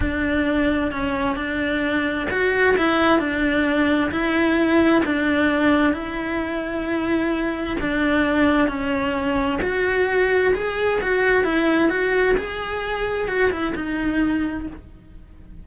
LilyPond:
\new Staff \with { instrumentName = "cello" } { \time 4/4 \tempo 4 = 131 d'2 cis'4 d'4~ | d'4 fis'4 e'4 d'4~ | d'4 e'2 d'4~ | d'4 e'2.~ |
e'4 d'2 cis'4~ | cis'4 fis'2 gis'4 | fis'4 e'4 fis'4 gis'4~ | gis'4 fis'8 e'8 dis'2 | }